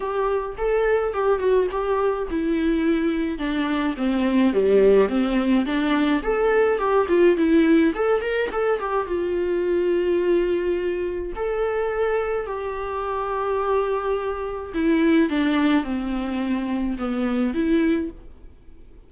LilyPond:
\new Staff \with { instrumentName = "viola" } { \time 4/4 \tempo 4 = 106 g'4 a'4 g'8 fis'8 g'4 | e'2 d'4 c'4 | g4 c'4 d'4 a'4 | g'8 f'8 e'4 a'8 ais'8 a'8 g'8 |
f'1 | a'2 g'2~ | g'2 e'4 d'4 | c'2 b4 e'4 | }